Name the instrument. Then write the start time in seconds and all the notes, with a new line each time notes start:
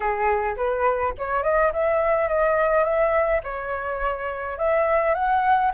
flute
0.00 G#4
0.56 B4
1.17 C#5
1.43 D#5
1.72 E5
2.28 D#5
2.84 E5
3.43 C#5
4.58 E5
5.14 F#5